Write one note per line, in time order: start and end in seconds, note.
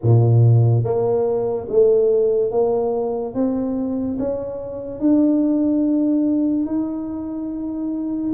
0.02 0.83 A#2
0.83 1.67 A#3
1.69 2.51 A3
2.51 3.34 A#3
3.34 4.17 C4
4.19 5.00 C#4
5.00 6.66 D4
6.66 8.32 D#4